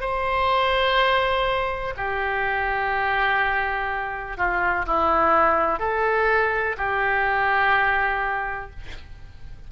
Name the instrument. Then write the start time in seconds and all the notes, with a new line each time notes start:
oboe
0.00 C5
1.97 G4
4.37 F4
4.86 E4
5.79 A4
6.77 G4